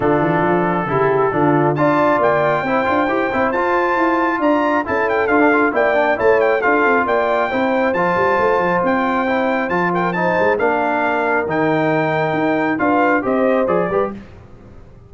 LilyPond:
<<
  \new Staff \with { instrumentName = "trumpet" } { \time 4/4 \tempo 4 = 136 a'1 | a''4 g''2. | a''2 ais''4 a''8 g''8 | f''4 g''4 a''8 g''8 f''4 |
g''2 a''2 | g''2 a''8 g''8 a''4 | f''2 g''2~ | g''4 f''4 dis''4 d''4 | }
  \new Staff \with { instrumentName = "horn" } { \time 4/4 f'2 g'4 f'4 | d''2 c''2~ | c''2 d''4 a'4~ | a'4 d''4 cis''4 a'4 |
d''4 c''2.~ | c''2~ c''8 ais'8 c''4 | ais'1~ | ais'4 b'4 c''4. b'8 | }
  \new Staff \with { instrumentName = "trombone" } { \time 4/4 d'2 e'4 d'4 | f'2 e'8 f'8 g'8 e'8 | f'2. e'4 | f'16 d'16 f'8 e'8 d'8 e'4 f'4~ |
f'4 e'4 f'2~ | f'4 e'4 f'4 dis'4 | d'2 dis'2~ | dis'4 f'4 g'4 gis'8 g'8 | }
  \new Staff \with { instrumentName = "tuba" } { \time 4/4 d8 e8 f4 cis4 d4 | d'4 ais4 c'8 d'8 e'8 c'8 | f'4 e'4 d'4 cis'4 | d'4 ais4 a4 d'8 c'8 |
ais4 c'4 f8 g8 a8 f8 | c'2 f4. gis8 | ais2 dis2 | dis'4 d'4 c'4 f8 g8 | }
>>